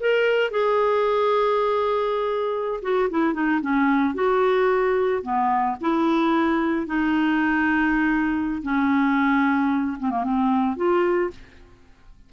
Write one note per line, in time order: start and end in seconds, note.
0.00 0.51 A#4
0.51 2.81 G#4
2.82 3.09 F#4
3.10 3.34 E4
3.34 3.61 D#4
3.61 4.14 C#4
4.14 5.22 F#4
5.22 5.76 B3
5.81 6.86 E4
6.86 8.62 D#4
8.62 9.98 C#4
9.99 10.11 C4
10.11 10.24 A#3
10.24 10.76 C4
10.76 11.30 F4